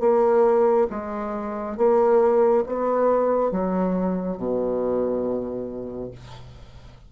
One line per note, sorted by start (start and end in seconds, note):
0.00 0.87 A#3
0.90 1.77 G#3
1.77 2.64 A#3
2.66 3.51 B3
3.51 4.37 F#3
4.37 6.11 B2